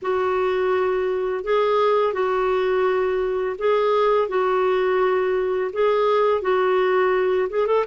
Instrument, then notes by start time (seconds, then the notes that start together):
clarinet
0.02 F#4
1.44 G#4
2.13 F#4
3.58 G#4
4.28 F#4
5.72 G#4
6.41 F#4
7.49 G#4
7.66 A4